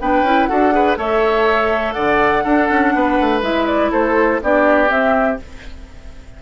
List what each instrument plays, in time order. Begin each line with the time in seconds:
0.00 bassoon B3, clarinet D4, oboe B4, flute G5
0.22 bassoon C#4, clarinet E4
0.46 bassoon D4, clarinet F#4, oboe A4, flute F#5
0.72 clarinet G#4, oboe B4
0.97 bassoon A3, clarinet A4, oboe C#5, flute E5
1.93 bassoon D3, oboe D5, flute F#5
2.44 clarinet D4, bassoon D4, oboe A4
2.70 bassoon C#4
2.95 bassoon B3, oboe B4
3.21 bassoon A3
3.42 bassoon G#3, clarinet E4, flute E5
3.67 flute D5
3.91 bassoon A3, oboe A4, flute C5
4.42 bassoon B3, clarinet D4, oboe G4, flute D5
4.88 clarinet C4, bassoon C4, flute E5